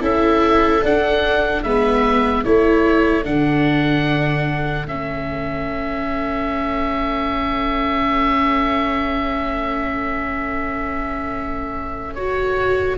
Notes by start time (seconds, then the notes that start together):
0.00 C#4 E4 A4 E5
0.83 D4 F#5
1.63 G#3 B3 B4 E5
2.43 A3 E4 A4 C#5
3.24 D3 D4 F#5
4.85 A3 C#4 E5
12.15 F#4 C#5